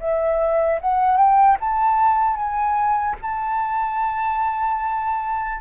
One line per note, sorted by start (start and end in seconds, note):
0.00 0.80 E5
0.81 1.17 F#5
1.17 1.57 G5
1.61 2.36 A5
2.36 3.16 G#5
3.22 5.61 A5